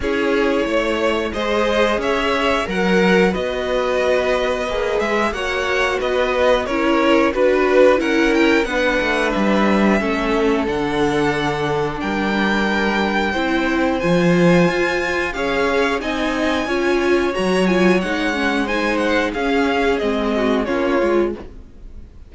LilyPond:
<<
  \new Staff \with { instrumentName = "violin" } { \time 4/4 \tempo 4 = 90 cis''2 dis''4 e''4 | fis''4 dis''2~ dis''8 e''8 | fis''4 dis''4 cis''4 b'4 | fis''8 g''8 fis''4 e''2 |
fis''2 g''2~ | g''4 gis''2 f''4 | gis''2 ais''8 gis''8 fis''4 | gis''8 fis''8 f''4 dis''4 cis''4 | }
  \new Staff \with { instrumentName = "violin" } { \time 4/4 gis'4 cis''4 c''4 cis''4 | ais'4 b'2. | cis''4 b'4 ais'4 b'4 | ais'4 b'2 a'4~ |
a'2 ais'2 | c''2. cis''4 | dis''4 cis''2. | c''4 gis'4. fis'8 f'4 | }
  \new Staff \with { instrumentName = "viola" } { \time 4/4 e'2 gis'2 | ais'4 fis'2 gis'4 | fis'2 e'4 fis'4 | e'4 d'2 cis'4 |
d'1 | e'4 f'2 gis'4 | dis'4 f'4 fis'8 f'8 dis'8 cis'8 | dis'4 cis'4 c'4 cis'8 f'8 | }
  \new Staff \with { instrumentName = "cello" } { \time 4/4 cis'4 a4 gis4 cis'4 | fis4 b2 ais8 gis8 | ais4 b4 cis'4 d'4 | cis'4 b8 a8 g4 a4 |
d2 g2 | c'4 f4 f'4 cis'4 | c'4 cis'4 fis4 gis4~ | gis4 cis'4 gis4 ais8 gis8 | }
>>